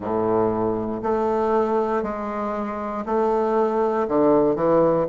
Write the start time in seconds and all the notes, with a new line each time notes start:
0.00 A2
1.03 A3
2.02 G#3
3.05 A3
4.08 D3
4.55 E3